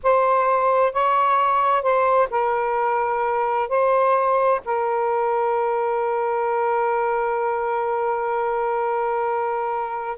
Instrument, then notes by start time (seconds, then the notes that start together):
saxophone
0.03 C5
0.92 C#5
1.82 C5
2.30 A#4
3.68 C5
4.65 A#4